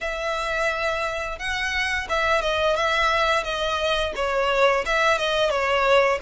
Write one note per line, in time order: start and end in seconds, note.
0.00 1.38 E5
1.38 2.07 F#5
2.09 2.41 E5
2.41 2.76 D#5
2.76 3.43 E5
3.43 4.12 D#5
4.15 4.84 C#5
4.85 5.18 E5
5.18 5.50 D#5
5.50 6.18 C#5